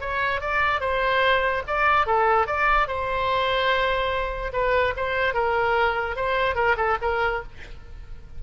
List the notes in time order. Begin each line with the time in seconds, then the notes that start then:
0.00 C#5
0.41 D5
0.80 C5
1.67 D5
2.06 A4
2.47 D5
2.87 C5
4.53 B4
4.96 C5
5.33 A#4
6.16 C5
6.55 A#4
6.76 A4
7.01 A#4